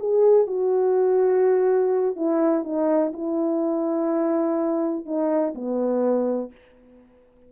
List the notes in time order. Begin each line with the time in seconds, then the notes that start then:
0.00 G#4
0.47 F#4
2.16 E4
2.64 D#4
3.14 E4
5.06 D#4
5.55 B3